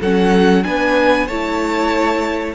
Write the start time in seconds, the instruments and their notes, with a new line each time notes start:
0.00 cello F#3, viola C#4, violin A4 F#5
0.63 cello B3, viola D4, violin B4 G#5
1.27 cello A3, viola E4, violin C#5 A5